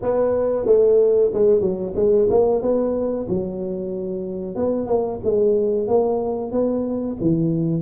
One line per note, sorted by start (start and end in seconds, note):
0.02 0.66 B3
0.66 1.31 A3
1.33 1.60 G#3
1.60 1.93 F#3
1.95 2.28 G#3
2.30 2.61 A#3
2.61 3.27 B3
3.28 4.55 F#3
4.55 4.86 B3
4.86 5.19 A#3
5.24 5.87 G#3
5.87 6.51 A#3
6.51 7.17 B3
7.20 7.81 E3